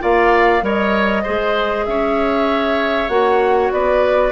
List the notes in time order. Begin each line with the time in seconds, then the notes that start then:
0.00 A#3 F4 D5 F5
0.61 G3 A#4 C#5 D#5
1.23 G#3 G#4 C5
1.85 C#4 C#5 E5
3.09 A#3 F#4 F#5
3.72 B3 B4 D5